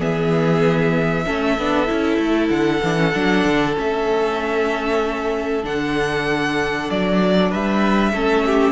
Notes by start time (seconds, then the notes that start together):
0.00 E3 B3 G#4 E5
1.26 A3 C#4 A4
1.58 B3 D4
1.87 C#4 E4
2.19 A3
2.51 D3 F#5
2.83 E3 D4
2.96 C#4
3.15 F#3 D4
3.46 D3
3.76 A3 C#4 E5
5.64 D3 D4 F#5
6.91 F#3 D5
7.50 G3 B4 E5
8.13 A3 C#4 A4
8.46 G4